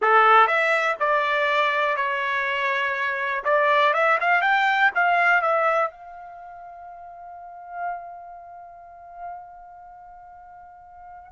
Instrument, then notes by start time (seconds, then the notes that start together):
trumpet
0.01 A4
0.47 E5
0.99 D5
1.96 C#5
3.44 D5
3.93 E5
4.20 F5
4.41 G5
4.94 F5
5.41 E5
5.91 F5